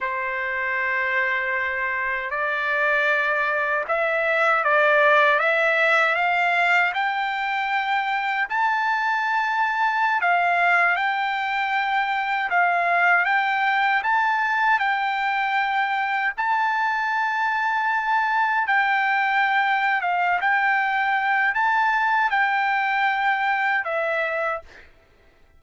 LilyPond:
\new Staff \with { instrumentName = "trumpet" } { \time 4/4 \tempo 4 = 78 c''2. d''4~ | d''4 e''4 d''4 e''4 | f''4 g''2 a''4~ | a''4~ a''16 f''4 g''4.~ g''16~ |
g''16 f''4 g''4 a''4 g''8.~ | g''4~ g''16 a''2~ a''8.~ | a''16 g''4.~ g''16 f''8 g''4. | a''4 g''2 e''4 | }